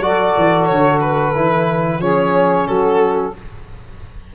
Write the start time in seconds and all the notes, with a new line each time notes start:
0.00 F#3 F#4 A4 D5
0.37 E3
0.66 D3 C#5
1.01 B4
1.35 E3 E4
1.99 F3 C#4 G#4 C#5
2.67 F#3 F#4 A4